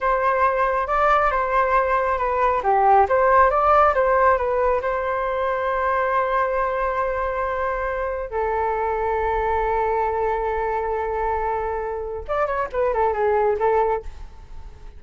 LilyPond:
\new Staff \with { instrumentName = "flute" } { \time 4/4 \tempo 4 = 137 c''2 d''4 c''4~ | c''4 b'4 g'4 c''4 | d''4 c''4 b'4 c''4~ | c''1~ |
c''2. a'4~ | a'1~ | a'1 | d''8 cis''8 b'8 a'8 gis'4 a'4 | }